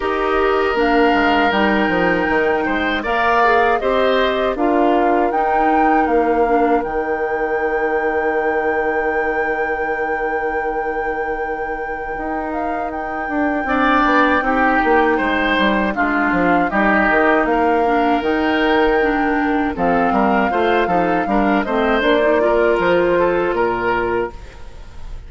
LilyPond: <<
  \new Staff \with { instrumentName = "flute" } { \time 4/4 \tempo 4 = 79 dis''4 f''4 g''2 | f''4 dis''4 f''4 g''4 | f''4 g''2.~ | g''1~ |
g''8 f''8 g''2.~ | g''4 f''4 dis''4 f''4 | g''2 f''2~ | f''8 dis''8 d''4 c''4 ais'4 | }
  \new Staff \with { instrumentName = "oboe" } { \time 4/4 ais'2.~ ais'8 c''8 | d''4 c''4 ais'2~ | ais'1~ | ais'1~ |
ais'2 d''4 g'4 | c''4 f'4 g'4 ais'4~ | ais'2 a'8 ais'8 c''8 a'8 | ais'8 c''4 ais'4 a'8 ais'4 | }
  \new Staff \with { instrumentName = "clarinet" } { \time 4/4 g'4 d'4 dis'2 | ais'8 gis'8 g'4 f'4 dis'4~ | dis'8 d'8 dis'2.~ | dis'1~ |
dis'2 d'4 dis'4~ | dis'4 d'4 dis'4. d'8 | dis'4 d'4 c'4 f'8 dis'8 | d'8 c'8 d'16 dis'16 f'2~ f'8 | }
  \new Staff \with { instrumentName = "bassoon" } { \time 4/4 dis'4 ais8 gis8 g8 f8 dis8 gis8 | ais4 c'4 d'4 dis'4 | ais4 dis2.~ | dis1 |
dis'4. d'8 c'8 b8 c'8 ais8 | gis8 g8 gis8 f8 g8 dis8 ais4 | dis2 f8 g8 a8 f8 | g8 a8 ais4 f4 ais,4 | }
>>